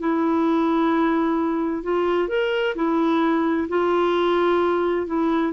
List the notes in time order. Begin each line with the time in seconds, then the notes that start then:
0.00 E4
1.83 F4
2.29 A#4
2.76 E4
3.69 F4
5.07 E4